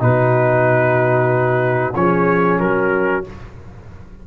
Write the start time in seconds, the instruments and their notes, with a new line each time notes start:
0.00 tuba B2, trombone D#4, horn F#4, trumpet B4
1.94 tuba F3, trombone C#4, horn G#4, trumpet C#5
2.59 tuba F#3, horn F#4, trumpet A#4